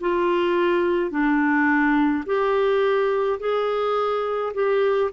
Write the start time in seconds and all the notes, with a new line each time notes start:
0.00 F4
1.10 D4
2.25 G4
3.39 G#4
4.54 G4